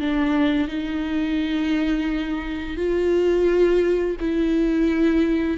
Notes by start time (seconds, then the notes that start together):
0.00 D4
0.68 D#4
2.77 F4
4.20 E4